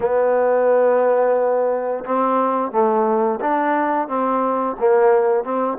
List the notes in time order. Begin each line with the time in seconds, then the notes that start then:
0.00 B3
2.05 C4
2.71 A3
3.40 D4
4.08 C4
4.79 A#3
5.44 C4